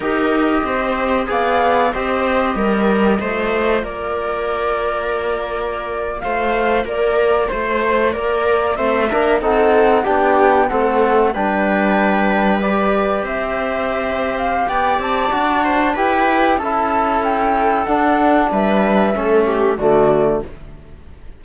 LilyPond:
<<
  \new Staff \with { instrumentName = "flute" } { \time 4/4 \tempo 4 = 94 dis''2 f''4 dis''4~ | dis''2 d''2~ | d''4.~ d''16 f''4 d''4 c''16~ | c''8. d''4 e''4 fis''4 g''16~ |
g''8. fis''4 g''2 d''16~ | d''8. e''4.~ e''16 f''8 g''8 a''8~ | a''4 g''4 a''4 g''4 | fis''4 e''2 d''4 | }
  \new Staff \with { instrumentName = "viola" } { \time 4/4 ais'4 c''4 d''4 c''4 | ais'4 c''4 ais'2~ | ais'4.~ ais'16 c''4 ais'4 c''16~ | c''8. ais'4 c''8 ais'8 a'4 g'16~ |
g'8. a'4 b'2~ b'16~ | b'8. c''2~ c''16 d''4~ | d''8 c''8 b'4 a'2~ | a'4 b'4 a'8 g'8 fis'4 | }
  \new Staff \with { instrumentName = "trombone" } { \time 4/4 g'2 gis'4 g'4~ | g'4 f'2.~ | f'1~ | f'4.~ f'16 c'8 d'8 dis'4 d'16~ |
d'8. c'4 d'2 g'16~ | g'1 | fis'4 g'4 e'2 | d'2 cis'4 a4 | }
  \new Staff \with { instrumentName = "cello" } { \time 4/4 dis'4 c'4 b4 c'4 | g4 a4 ais2~ | ais4.~ ais16 a4 ais4 a16~ | a8. ais4 a8 ais8 c'4 b16~ |
b8. a4 g2~ g16~ | g8. c'2~ c'16 b8 c'8 | d'4 e'4 cis'2 | d'4 g4 a4 d4 | }
>>